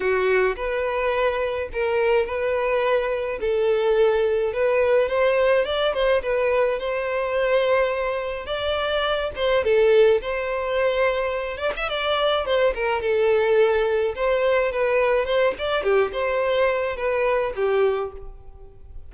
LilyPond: \new Staff \with { instrumentName = "violin" } { \time 4/4 \tempo 4 = 106 fis'4 b'2 ais'4 | b'2 a'2 | b'4 c''4 d''8 c''8 b'4 | c''2. d''4~ |
d''8 c''8 a'4 c''2~ | c''8 d''16 e''16 d''4 c''8 ais'8 a'4~ | a'4 c''4 b'4 c''8 d''8 | g'8 c''4. b'4 g'4 | }